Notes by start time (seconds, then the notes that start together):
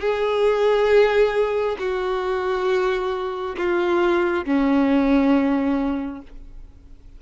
0.00 G#4
1.79 F#4
3.57 F4
4.45 C#4